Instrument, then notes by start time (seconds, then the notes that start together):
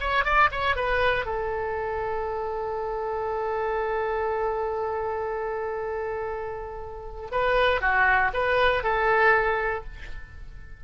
oboe
0.00 C#5
0.25 D5
0.51 C#5
0.76 B4
1.26 A4
7.31 B4
7.81 F#4
8.33 B4
8.83 A4